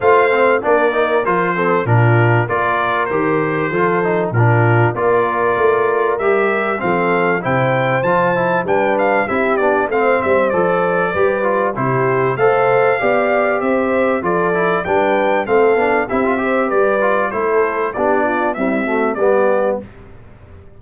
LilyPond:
<<
  \new Staff \with { instrumentName = "trumpet" } { \time 4/4 \tempo 4 = 97 f''4 d''4 c''4 ais'4 | d''4 c''2 ais'4 | d''2 e''4 f''4 | g''4 a''4 g''8 f''8 e''8 d''8 |
f''8 e''8 d''2 c''4 | f''2 e''4 d''4 | g''4 f''4 e''4 d''4 | c''4 d''4 e''4 d''4 | }
  \new Staff \with { instrumentName = "horn" } { \time 4/4 c''4 ais'4. a'8 f'4 | ais'2 a'4 f'4 | ais'2. a'4 | c''2 b'4 g'4 |
c''2 b'4 g'4 | c''4 d''4 c''4 a'4 | b'4 a'4 g'8 c''8 b'4 | a'4 g'8 f'8 e'8 fis'8 g'4 | }
  \new Staff \with { instrumentName = "trombone" } { \time 4/4 f'8 c'8 d'8 dis'8 f'8 c'8 d'4 | f'4 g'4 f'8 dis'8 d'4 | f'2 g'4 c'4 | e'4 f'8 e'8 d'4 e'8 d'8 |
c'4 a'4 g'8 f'8 e'4 | a'4 g'2 f'8 e'8 | d'4 c'8 d'8 e'16 f'16 g'4 f'8 | e'4 d'4 g8 a8 b4 | }
  \new Staff \with { instrumentName = "tuba" } { \time 4/4 a4 ais4 f4 ais,4 | ais4 dis4 f4 ais,4 | ais4 a4 g4 f4 | c4 f4 g4 c'8 b8 |
a8 g8 f4 g4 c4 | a4 b4 c'4 f4 | g4 a8 b8 c'4 g4 | a4 b4 c'4 g4 | }
>>